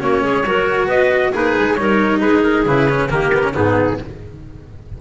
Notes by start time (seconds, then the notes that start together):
0.00 A#3 C#4 F#4 C#5
0.23 G#3 G#4
0.45 F#3 F#4 A#4
0.87 B3 B4 D#5
1.33 A#3 D#4 G#4 B4
1.59 G#3
1.75 G3 D#4 A#4 C#5
2.20 G#3 G#4 B4
2.44 A#4
2.66 C#3 E4 B4
2.89 C#4
3.10 D#3 A#3 G4 A#4
3.35 B3
3.43 C#4
3.53 G#2 B3 D#4 G#4